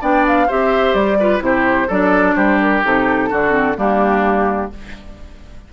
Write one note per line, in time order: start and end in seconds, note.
0.00 0.48 B3
0.00 0.47 D4
0.00 0.47 D5
0.00 0.26 G5
0.27 0.50 F5
0.47 0.93 C4
0.47 1.19 G4
0.47 1.17 C5
0.47 0.94 E5
0.93 1.40 G3
0.93 1.40 D5
1.19 1.39 F4
1.19 1.42 B4
1.39 1.87 C3
1.39 1.86 E4
1.39 1.90 C5
1.45 1.87 G4
1.87 2.36 F#3
1.87 2.84 D4
1.87 2.34 A4
1.87 2.35 D5
2.35 2.83 G3
2.35 3.29 G4
2.35 2.59 C5
2.60 2.83 A#4
2.84 3.31 C3
2.84 3.30 D#4
2.84 3.79 A4
3.29 3.77 D3
3.29 3.51 D4
3.29 3.76 F#4
3.51 3.74 C4
3.76 4.70 G3
3.76 4.70 A#3
3.76 4.71 D4
3.76 4.72 G4